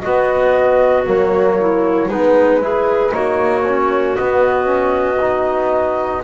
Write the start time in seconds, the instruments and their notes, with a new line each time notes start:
0.00 trombone B3, double bass B3, clarinet F#4, flute D#5
1.05 double bass F#3, trombone A#3, flute C#5
1.60 clarinet E4
2.08 double bass G#3, trombone B3, clarinet D#4, flute B4
2.61 trombone E4, clarinet G#4
3.11 double bass A#3, trombone D#4, clarinet F#4, flute C#5
3.67 trombone C#4
4.15 trombone B3, double bass B3, flute D#5
4.64 trombone C#4
5.20 trombone D#4